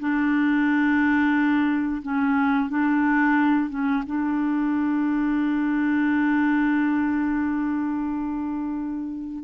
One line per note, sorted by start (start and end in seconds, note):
0.00 2.02 D4
2.03 2.70 C#4
2.70 3.70 D4
3.70 4.04 C#4
4.07 9.44 D4